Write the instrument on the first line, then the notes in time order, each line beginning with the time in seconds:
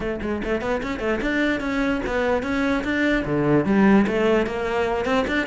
cello
0.00 A3
0.21 G#3
0.43 A3
0.61 B3
0.82 C#4
0.99 A3
1.21 D4
1.60 C#4
2.06 B3
2.43 C#4
2.84 D4
3.25 D3
3.65 G3
4.07 A3
4.46 A#3
5.05 C4
5.27 D4